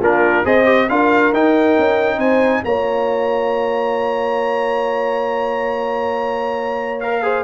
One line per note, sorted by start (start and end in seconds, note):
0.00 0.44 A#3
0.00 0.45 D4
0.00 0.44 F4
0.00 0.45 A#4
0.45 0.89 C4
0.45 0.64 G#4
0.45 0.88 C5
0.45 0.89 D#5
0.64 0.86 G4
0.89 1.33 D4
0.89 1.33 F4
0.89 2.17 A#4
0.89 1.32 F5
1.33 1.76 D#4
1.33 2.65 D#4
1.33 2.19 G5
1.78 2.17 C#4
2.17 2.61 C4
2.17 2.61 C5
2.17 2.63 G#5
2.64 7.44 A#3
2.64 7.02 F4
2.64 7.22 C#5
2.64 7.00 A#5
7.00 7.22 A#4
7.00 7.44 F5
7.22 7.44 G#4
7.22 7.44 C5